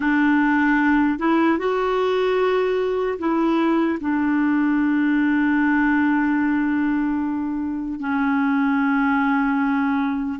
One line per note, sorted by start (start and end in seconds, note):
0.00 1.18 D4
1.18 1.58 E4
1.58 3.18 F#4
3.18 3.98 E4
4.00 7.99 D4
7.99 10.39 C#4